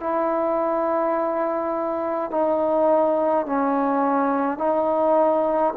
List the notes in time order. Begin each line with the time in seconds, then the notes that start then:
0.00 E4
2.31 D#4
3.46 C#4
4.58 D#4